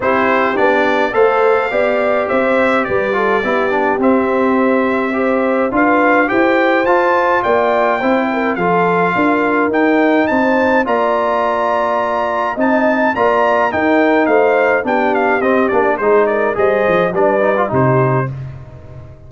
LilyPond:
<<
  \new Staff \with { instrumentName = "trumpet" } { \time 4/4 \tempo 4 = 105 c''4 d''4 f''2 | e''4 d''2 e''4~ | e''2 f''4 g''4 | a''4 g''2 f''4~ |
f''4 g''4 a''4 ais''4~ | ais''2 a''4 ais''4 | g''4 f''4 g''8 f''8 dis''8 d''8 | c''8 d''8 dis''4 d''4 c''4 | }
  \new Staff \with { instrumentName = "horn" } { \time 4/4 g'2 c''4 d''4 | c''4 b'8 a'8 g'2~ | g'4 c''4 b'4 c''4~ | c''4 d''4 c''8 ais'8 a'4 |
ais'2 c''4 d''4~ | d''2 dis''4 d''4 | ais'4 c''4 g'2 | gis'8 ais'8 c''4 b'4 g'4 | }
  \new Staff \with { instrumentName = "trombone" } { \time 4/4 e'4 d'4 a'4 g'4~ | g'4. f'8 e'8 d'8 c'4~ | c'4 g'4 f'4 g'4 | f'2 e'4 f'4~ |
f'4 dis'2 f'4~ | f'2 dis'4 f'4 | dis'2 d'4 c'8 d'8 | dis'4 gis'4 d'8 dis'16 f'16 dis'4 | }
  \new Staff \with { instrumentName = "tuba" } { \time 4/4 c'4 b4 a4 b4 | c'4 g4 b4 c'4~ | c'2 d'4 e'4 | f'4 ais4 c'4 f4 |
d'4 dis'4 c'4 ais4~ | ais2 c'4 ais4 | dis'4 a4 b4 c'8 ais8 | gis4 g8 f8 g4 c4 | }
>>